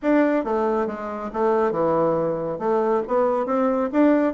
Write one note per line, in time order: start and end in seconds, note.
0.02 0.44 D4
0.44 0.87 A3
0.87 1.30 G#3
1.33 1.71 A3
1.71 2.58 E3
2.58 3.02 A3
3.07 3.46 B3
3.46 3.89 C4
3.92 4.33 D4